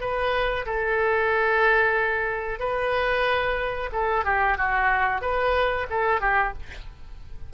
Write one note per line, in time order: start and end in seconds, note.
0.00 0.65 B4
0.66 2.59 A4
2.59 3.90 B4
3.92 4.25 A4
4.25 4.57 G4
4.57 5.21 F#4
5.21 5.86 B4
5.90 6.20 A4
6.20 6.53 G4